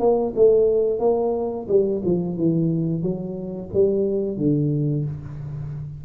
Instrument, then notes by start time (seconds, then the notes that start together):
tuba
0.00 A#3
0.36 A3
1.00 A#3
1.69 G3
2.05 F3
2.37 E3
3.02 F#3
3.74 G3
4.38 D3